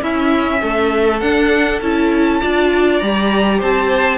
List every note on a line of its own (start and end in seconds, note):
0.00 1.20 C#4
0.00 0.61 C#4
0.00 0.62 E4
0.00 1.20 E5
0.62 1.22 A3
0.62 2.41 A4
1.20 1.81 D4
1.20 1.83 D4
1.20 1.80 F#5
1.82 2.42 C#4
1.82 2.43 E4
1.82 2.99 A5
2.41 3.02 D4
2.41 3.02 F4
2.41 3.59 D5
2.99 3.62 G3
2.99 4.19 G4
2.99 3.59 A#5
3.59 4.19 C4
3.59 4.19 C5
3.59 4.19 A5